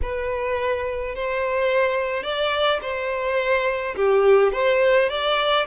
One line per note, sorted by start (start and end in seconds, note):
0.02 1.15 B4
1.15 2.23 C5
2.23 2.79 D5
2.82 3.95 C5
3.95 4.52 G4
4.52 5.09 C5
5.09 5.66 D5